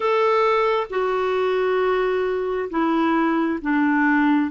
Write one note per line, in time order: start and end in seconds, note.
0.00 0.87 A4
0.90 2.69 F#4
2.69 3.59 E4
3.61 4.51 D4